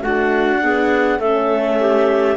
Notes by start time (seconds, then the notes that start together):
0.00 A3 D4 F#4 F#5
0.62 B3 G#4
1.19 A3 C#4 A4 E5
1.80 G4